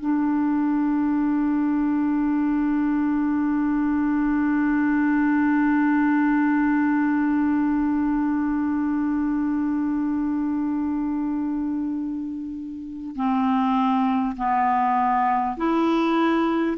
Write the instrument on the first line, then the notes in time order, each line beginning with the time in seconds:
clarinet
0.00 D4
13.16 C4
14.37 B3
15.57 E4